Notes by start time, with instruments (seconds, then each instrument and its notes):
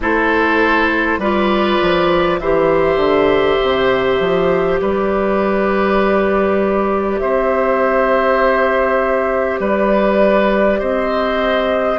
0.00 bassoon A3, clarinet E4, oboe A4, flute C5
1.18 bassoon G3, clarinet F4, oboe B4, flute D5
1.81 bassoon F3
2.39 bassoon E3, clarinet G4, oboe C5, flute E5
2.96 bassoon D3
3.62 bassoon C3
4.19 bassoon F3
4.80 bassoon G3, oboe B4, flute D5
7.19 bassoon C4, oboe C5, flute E5
9.59 bassoon G3, oboe B4, flute D5
10.79 bassoon C4, oboe C5, flute D#5